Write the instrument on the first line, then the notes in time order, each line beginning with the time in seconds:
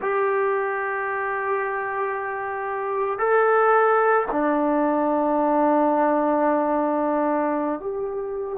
trombone
0.01 G4
3.19 A4
4.31 D4
7.79 G4